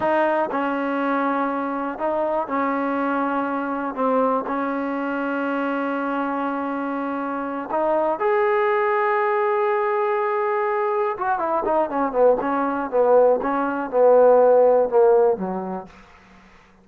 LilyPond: \new Staff \with { instrumentName = "trombone" } { \time 4/4 \tempo 4 = 121 dis'4 cis'2. | dis'4 cis'2. | c'4 cis'2.~ | cis'2.~ cis'8 dis'8~ |
dis'8 gis'2.~ gis'8~ | gis'2~ gis'8 fis'8 e'8 dis'8 | cis'8 b8 cis'4 b4 cis'4 | b2 ais4 fis4 | }